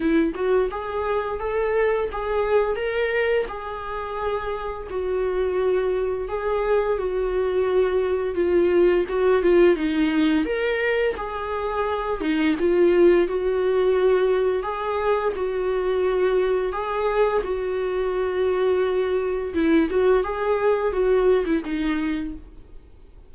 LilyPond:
\new Staff \with { instrumentName = "viola" } { \time 4/4 \tempo 4 = 86 e'8 fis'8 gis'4 a'4 gis'4 | ais'4 gis'2 fis'4~ | fis'4 gis'4 fis'2 | f'4 fis'8 f'8 dis'4 ais'4 |
gis'4. dis'8 f'4 fis'4~ | fis'4 gis'4 fis'2 | gis'4 fis'2. | e'8 fis'8 gis'4 fis'8. e'16 dis'4 | }